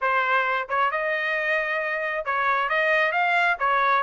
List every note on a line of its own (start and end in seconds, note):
0.01 0.68 C5
0.68 0.91 C#5
0.91 2.25 D#5
2.25 2.69 C#5
2.69 3.11 D#5
3.11 3.56 F5
3.59 4.03 C#5